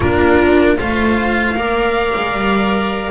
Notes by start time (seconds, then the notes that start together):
0.00 A#3 D4 F4 A#4
0.77 A3 F4 C5 F5
1.55 A#3 A#4 D5
2.15 G#3
2.33 G3